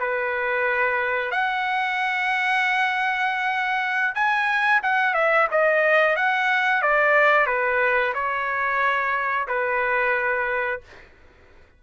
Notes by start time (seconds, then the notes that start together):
0.00 B4
1.32 F#5
4.15 G#5
4.83 F#5
5.15 E5
5.52 D#5
6.17 F#5
6.82 D5
7.47 B4
8.14 C#5
9.48 B4